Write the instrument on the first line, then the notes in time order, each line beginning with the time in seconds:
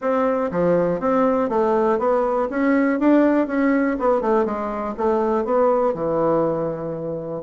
bassoon
0.01 C4
0.51 F3
1.00 C4
1.49 A3
1.98 B3
2.50 C#4
2.99 D4
3.47 C#4
3.99 B3
4.21 A3
4.45 G#3
4.97 A3
5.45 B3
5.94 E3